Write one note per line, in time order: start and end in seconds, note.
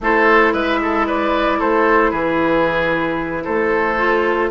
0.00 0.53 A3
0.00 3.98 E4
0.00 0.53 A4
0.00 0.53 C5
0.53 1.60 G#3
0.53 0.79 B4
0.53 1.06 E5
0.82 1.06 A4
1.06 1.59 B4
1.06 1.60 D5
1.59 2.11 A3
1.59 2.10 A4
1.59 2.10 C5
2.10 3.44 E3
2.10 3.43 G#4
2.10 3.43 B4
3.44 4.50 A3
3.44 4.50 A4
3.44 4.50 C5
3.98 4.50 F4